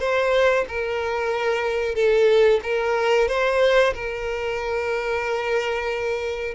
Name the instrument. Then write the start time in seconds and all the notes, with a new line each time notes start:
violin
0.00 C5
0.68 A#4
1.95 A4
2.63 A#4
3.28 C5
3.94 A#4